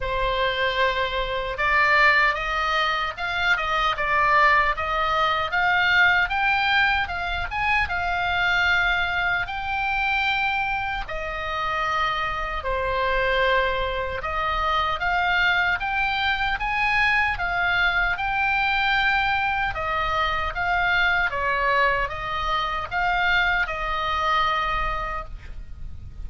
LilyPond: \new Staff \with { instrumentName = "oboe" } { \time 4/4 \tempo 4 = 76 c''2 d''4 dis''4 | f''8 dis''8 d''4 dis''4 f''4 | g''4 f''8 gis''8 f''2 | g''2 dis''2 |
c''2 dis''4 f''4 | g''4 gis''4 f''4 g''4~ | g''4 dis''4 f''4 cis''4 | dis''4 f''4 dis''2 | }